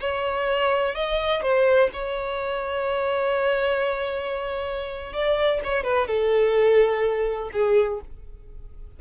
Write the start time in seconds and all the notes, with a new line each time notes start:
0.00 C#5
0.95 D#5
1.42 C5
1.93 C#5
5.13 D5
5.63 C#5
5.83 B4
6.07 A4
7.52 G#4